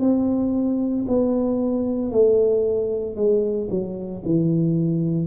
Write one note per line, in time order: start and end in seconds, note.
0.00 1.05 C4
1.08 2.11 B3
2.11 3.15 A3
3.15 3.68 G#3
3.70 4.22 F#3
4.25 5.27 E3